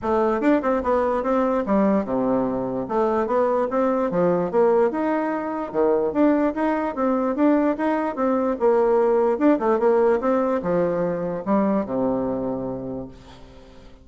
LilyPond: \new Staff \with { instrumentName = "bassoon" } { \time 4/4 \tempo 4 = 147 a4 d'8 c'8 b4 c'4 | g4 c2 a4 | b4 c'4 f4 ais4 | dis'2 dis4 d'4 |
dis'4 c'4 d'4 dis'4 | c'4 ais2 d'8 a8 | ais4 c'4 f2 | g4 c2. | }